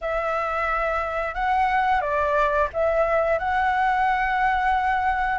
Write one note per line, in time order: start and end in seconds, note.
0.01 1.34 E5
1.34 2.01 F#5
2.01 2.68 D5
2.73 3.38 E5
3.38 5.38 F#5